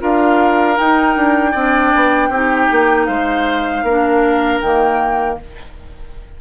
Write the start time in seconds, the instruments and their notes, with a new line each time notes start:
0.00 bassoon D4, clarinet F4, oboe A#4, flute F5
0.76 clarinet D#4, bassoon D#4, flute G5
1.17 bassoon D4
1.52 bassoon C4, clarinet D4, oboe D5
1.95 bassoon B3
2.29 bassoon C4, clarinet D#4, oboe G4
2.72 bassoon A#3
3.06 bassoon G#3, oboe C5, flute F5
3.83 bassoon A#3, clarinet D4, oboe A#4
4.61 bassoon D#3, clarinet A#3, flute G5